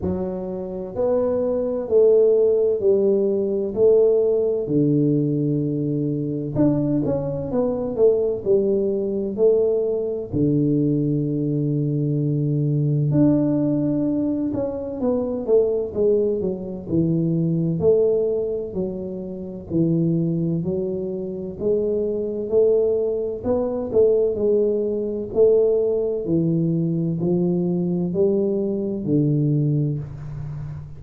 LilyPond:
\new Staff \with { instrumentName = "tuba" } { \time 4/4 \tempo 4 = 64 fis4 b4 a4 g4 | a4 d2 d'8 cis'8 | b8 a8 g4 a4 d4~ | d2 d'4. cis'8 |
b8 a8 gis8 fis8 e4 a4 | fis4 e4 fis4 gis4 | a4 b8 a8 gis4 a4 | e4 f4 g4 d4 | }